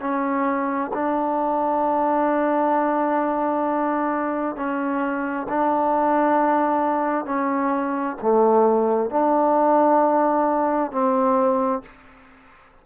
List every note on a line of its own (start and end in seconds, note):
0.00 0.91 C#4
0.93 4.56 D4
4.56 5.47 C#4
5.48 7.25 D4
7.25 8.16 C#4
8.21 9.10 A3
9.10 10.91 D4
10.91 11.82 C4